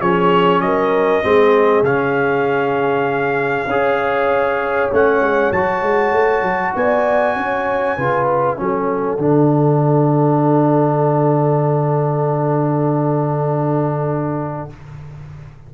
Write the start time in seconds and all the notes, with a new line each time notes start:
0.00 F3 C#4 G#4 C#5
0.61 F#3 A#4 D#5
1.23 G#3 C4 G#4
1.82 C#3 C#4 F5
3.66 C#4 G#4 C#5
4.92 A3 C#4 F#5
5.20 G#3
5.51 F#3 F#4 A5
5.82 G#3
6.12 A3
6.42 F#3
6.75 B3 D5 G#5
7.36 C#4 C#5
7.96 C#3 F4 B4
8.27 F#5
8.56 F#3 C#4 A4
9.17 D3 D4